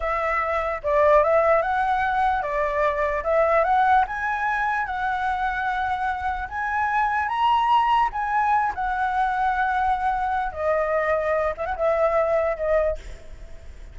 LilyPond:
\new Staff \with { instrumentName = "flute" } { \time 4/4 \tempo 4 = 148 e''2 d''4 e''4 | fis''2 d''2 | e''4 fis''4 gis''2 | fis''1 |
gis''2 ais''2 | gis''4. fis''2~ fis''8~ | fis''2 dis''2~ | dis''8 e''16 fis''16 e''2 dis''4 | }